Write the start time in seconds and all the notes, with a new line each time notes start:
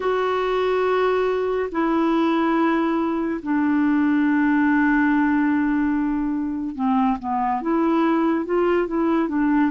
0.00 F#4
1.71 E4
3.42 D4
6.75 C4
7.19 B3
7.61 E4
8.45 F4
8.87 E4
9.28 D4